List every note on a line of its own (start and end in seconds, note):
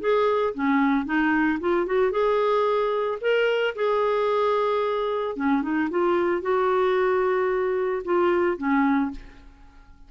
0.00 0.54 G#4
0.54 1.05 C#4
1.05 1.59 D#4
1.60 1.86 F4
1.86 2.11 F#4
2.11 3.18 G#4
3.20 3.74 A#4
3.75 5.36 G#4
5.36 5.62 C#4
5.62 5.89 D#4
5.90 6.41 F4
6.41 8.02 F#4
8.04 8.57 F4
8.57 9.10 C#4